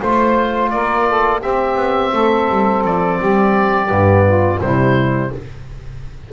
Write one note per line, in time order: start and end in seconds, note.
0.00 0.73 A3
0.00 1.41 F4
0.00 0.71 C5
0.00 0.70 C5
0.70 1.43 A#3
0.70 1.09 A#4
0.70 1.41 D5
1.09 1.40 A4
1.40 1.76 C4
1.40 3.87 C4
1.40 2.11 G4
1.40 2.83 E5
1.76 2.11 B3
2.13 2.48 A3
2.13 3.19 A4
2.49 2.84 G3
2.84 3.19 F3
2.84 4.61 D5
3.19 3.90 G3
3.19 4.25 G4
3.87 4.61 G2
3.87 4.58 B3
4.26 4.61 F4
4.61 5.32 C3
4.61 5.32 G3
4.61 5.32 E4
4.61 5.31 C5